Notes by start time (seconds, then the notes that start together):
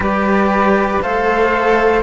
0.00 G3 G4 B4 D5
1.01 A3 A4 C5 F5